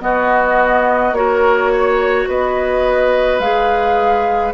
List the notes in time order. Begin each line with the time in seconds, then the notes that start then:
0.00 B3 F#4 D#5
1.12 A#3 F#4 A#4 C#5
1.73 C#5
2.29 B3 B4 D#5
3.40 G#3 G#4 F5